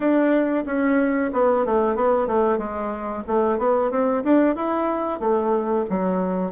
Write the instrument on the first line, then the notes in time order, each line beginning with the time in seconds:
bassoon
0.00 D4
0.66 C#4
1.33 B3
1.65 A3
1.95 B3
2.27 A3
2.58 G#3
3.27 A3
3.58 B3
3.90 C4
4.23 D4
4.55 E4
5.20 A3
5.89 F#3